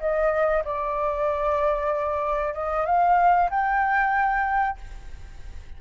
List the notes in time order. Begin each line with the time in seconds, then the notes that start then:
0.00 D#5
0.65 D5
2.54 D#5
2.86 F5
3.50 G5